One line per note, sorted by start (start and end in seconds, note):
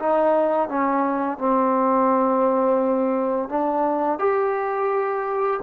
0.00 0.69 D#4
0.69 1.39 C#4
1.39 3.49 C4
3.49 4.19 D4
4.19 5.61 G4